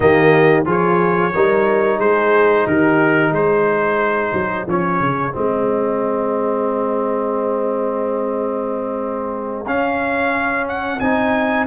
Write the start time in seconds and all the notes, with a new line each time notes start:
0.00 D#3 A#3 G4 D#5
0.65 F3 F4 G#4 C#5
1.34 G3 D#4 A#4
1.98 G#3 G#4 C5
2.66 D#3 G4 A#4
3.31 G#3 G#4 C5
4.32 F#3
4.67 F3 C#4 C#5
5.00 C#3
5.32 G#3 C4 D#5
9.66 C#4 F5
10.68 F#5
10.99 C4 D#4 G#5